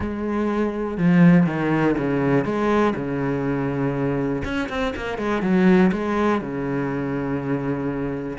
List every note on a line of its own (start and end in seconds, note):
0.00 0.97 G#3
0.97 1.46 F3
1.46 1.95 D#3
1.97 2.44 C#3
2.44 2.94 G#3
2.95 4.42 C#3
4.44 4.69 C#4
4.69 4.93 C4
4.96 5.18 A#3
5.18 5.42 G#3
5.42 5.91 F#3
5.92 6.41 G#3
6.41 8.38 C#3